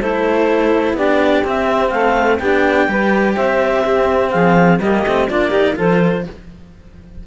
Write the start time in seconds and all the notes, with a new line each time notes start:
0.00 A3 E4 A4 C5
0.93 B3 D4 G4 D5
1.44 C4 E5
1.90 A3 A4 F5
2.38 B3 D4 G4 G5
2.88 G3 G4 B4
3.36 C4 C5 E5
3.83 C4 G4
4.30 F3 G#4 F5
4.80 G3 A#3 G4 D#5
5.03 A3 C4
5.28 A#3 D4 F4 D5
5.49 D#4 G4
5.76 F3 F4 A4 C5